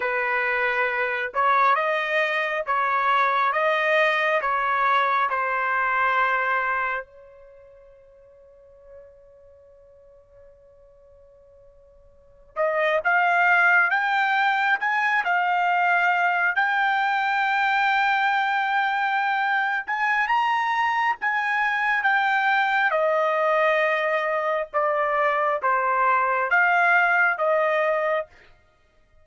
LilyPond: \new Staff \with { instrumentName = "trumpet" } { \time 4/4 \tempo 4 = 68 b'4. cis''8 dis''4 cis''4 | dis''4 cis''4 c''2 | cis''1~ | cis''2~ cis''16 dis''8 f''4 g''16~ |
g''8. gis''8 f''4. g''4~ g''16~ | g''2~ g''8 gis''8 ais''4 | gis''4 g''4 dis''2 | d''4 c''4 f''4 dis''4 | }